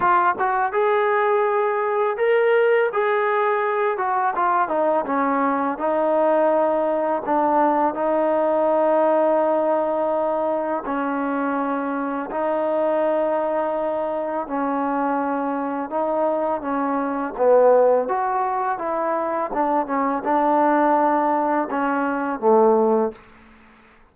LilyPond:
\new Staff \with { instrumentName = "trombone" } { \time 4/4 \tempo 4 = 83 f'8 fis'8 gis'2 ais'4 | gis'4. fis'8 f'8 dis'8 cis'4 | dis'2 d'4 dis'4~ | dis'2. cis'4~ |
cis'4 dis'2. | cis'2 dis'4 cis'4 | b4 fis'4 e'4 d'8 cis'8 | d'2 cis'4 a4 | }